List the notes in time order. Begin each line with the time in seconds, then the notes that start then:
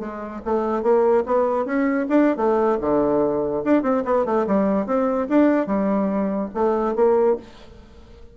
0.00 G#3
0.46 A3
0.83 A#3
1.26 B3
1.66 C#4
2.10 D4
2.37 A3
2.81 D3
3.65 D4
3.83 C4
4.05 B3
4.26 A3
4.48 G3
4.87 C4
5.29 D4
5.67 G3
6.55 A3
6.96 A#3